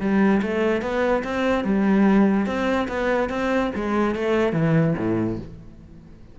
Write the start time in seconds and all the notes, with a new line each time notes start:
0.00 G3
0.42 A3
0.82 B3
1.24 C4
1.64 G3
2.46 C4
2.88 B3
3.29 C4
3.75 G#3
4.15 A3
4.53 E3
4.97 A2